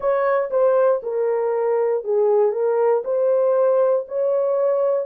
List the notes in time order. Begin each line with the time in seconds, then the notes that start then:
0.00 C#5
0.50 C5
1.02 A#4
2.03 G#4
2.51 A#4
3.04 C5
4.08 C#5